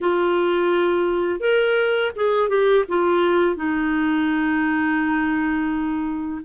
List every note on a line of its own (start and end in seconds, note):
0.01 1.40 F4
1.40 2.11 A#4
2.15 2.48 G#4
2.48 2.84 G4
2.88 3.56 F4
3.56 6.41 D#4